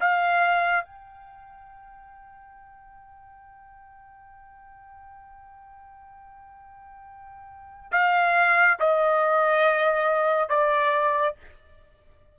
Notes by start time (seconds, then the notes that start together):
0.00 F5
0.85 G5
7.92 F5
8.80 D#5
10.49 D5